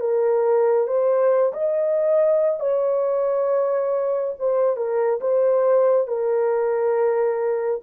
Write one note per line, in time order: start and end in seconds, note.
0.00 0.87 A#4
0.87 1.53 C5
1.53 2.60 D#5
2.60 4.34 C#5
4.39 4.76 C5
4.76 5.20 A#4
5.20 6.07 C5
6.07 7.81 A#4